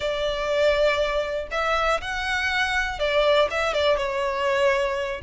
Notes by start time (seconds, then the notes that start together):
0.00 D5
1.51 E5
2.01 F#5
2.99 D5
3.50 E5
3.73 D5
3.97 C#5